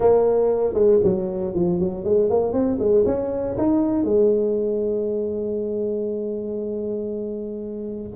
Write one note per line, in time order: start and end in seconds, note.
0.00 0.74 A#3
0.74 0.99 G#3
1.03 1.54 F#3
1.54 1.79 F3
1.79 2.04 F#3
2.04 2.29 G#3
2.29 2.52 A#3
2.52 2.78 C4
2.79 3.04 G#3
3.05 3.56 C#4
3.57 4.04 D#4
4.04 8.11 G#3